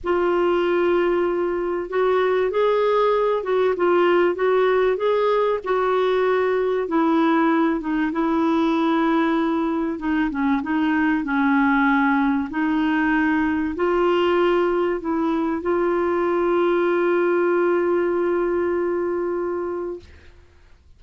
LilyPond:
\new Staff \with { instrumentName = "clarinet" } { \time 4/4 \tempo 4 = 96 f'2. fis'4 | gis'4. fis'8 f'4 fis'4 | gis'4 fis'2 e'4~ | e'8 dis'8 e'2. |
dis'8 cis'8 dis'4 cis'2 | dis'2 f'2 | e'4 f'2.~ | f'1 | }